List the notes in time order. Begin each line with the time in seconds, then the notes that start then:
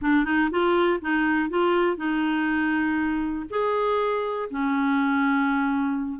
0.01 D4
0.25 D#4
0.50 F4
1.01 D#4
1.49 F4
1.96 D#4
3.50 G#4
4.50 C#4